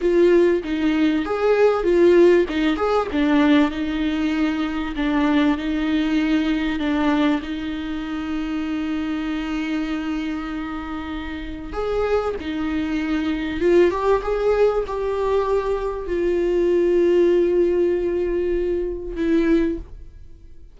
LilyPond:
\new Staff \with { instrumentName = "viola" } { \time 4/4 \tempo 4 = 97 f'4 dis'4 gis'4 f'4 | dis'8 gis'8 d'4 dis'2 | d'4 dis'2 d'4 | dis'1~ |
dis'2. gis'4 | dis'2 f'8 g'8 gis'4 | g'2 f'2~ | f'2. e'4 | }